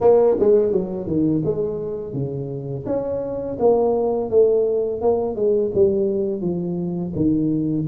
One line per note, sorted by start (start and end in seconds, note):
0.00 0.36 A#3
0.39 0.71 G#3
0.71 1.06 F#3
1.06 1.42 D#3
1.44 2.13 G#3
2.13 2.84 C#3
2.85 3.57 C#4
3.59 4.30 A#3
4.30 5.01 A3
5.01 5.35 A#3
5.35 5.71 G#3
5.74 6.41 G3
6.41 7.12 F3
7.15 7.86 D#3